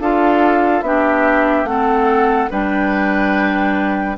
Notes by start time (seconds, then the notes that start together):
0.00 D4 F4 A4 F5
0.82 B3 D4 G4 E5
1.64 A3 C4 A4 F#5
2.51 G3 D4 B4 G5